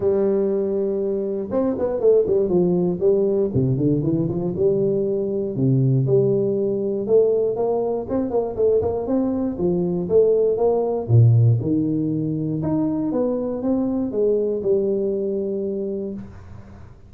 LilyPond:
\new Staff \with { instrumentName = "tuba" } { \time 4/4 \tempo 4 = 119 g2. c'8 b8 | a8 g8 f4 g4 c8 d8 | e8 f8 g2 c4 | g2 a4 ais4 |
c'8 ais8 a8 ais8 c'4 f4 | a4 ais4 ais,4 dis4~ | dis4 dis'4 b4 c'4 | gis4 g2. | }